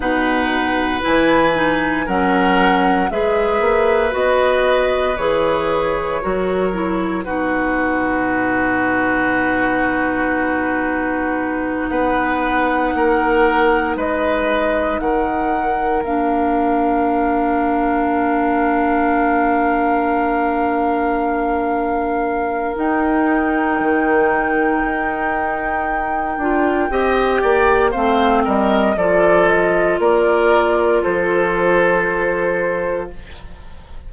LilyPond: <<
  \new Staff \with { instrumentName = "flute" } { \time 4/4 \tempo 4 = 58 fis''4 gis''4 fis''4 e''4 | dis''4 cis''2 b'4~ | b'2.~ b'8 fis''8~ | fis''4. dis''4 fis''4 f''8~ |
f''1~ | f''2 g''2~ | g''2. f''8 dis''8 | d''8 dis''8 d''4 c''2 | }
  \new Staff \with { instrumentName = "oboe" } { \time 4/4 b'2 ais'4 b'4~ | b'2 ais'4 fis'4~ | fis'2.~ fis'8 b'8~ | b'8 ais'4 b'4 ais'4.~ |
ais'1~ | ais'1~ | ais'2 dis''8 d''8 c''8 ais'8 | a'4 ais'4 a'2 | }
  \new Staff \with { instrumentName = "clarinet" } { \time 4/4 dis'4 e'8 dis'8 cis'4 gis'4 | fis'4 gis'4 fis'8 e'8 dis'4~ | dis'1~ | dis'2.~ dis'8 d'8~ |
d'1~ | d'2 dis'2~ | dis'4. f'8 g'4 c'4 | f'1 | }
  \new Staff \with { instrumentName = "bassoon" } { \time 4/4 b,4 e4 fis4 gis8 ais8 | b4 e4 fis4 b,4~ | b,2.~ b,8 b8~ | b8 ais4 gis4 dis4 ais8~ |
ais1~ | ais2 dis'4 dis4 | dis'4. d'8 c'8 ais8 a8 g8 | f4 ais4 f2 | }
>>